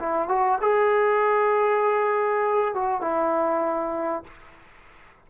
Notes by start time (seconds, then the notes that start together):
0.00 E4
0.29 F#4
0.62 G#4
2.75 F#4
3.01 E4